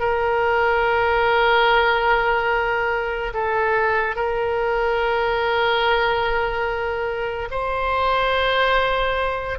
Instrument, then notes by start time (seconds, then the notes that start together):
oboe
0.00 A#4
3.34 A4
4.16 A#4
7.51 C5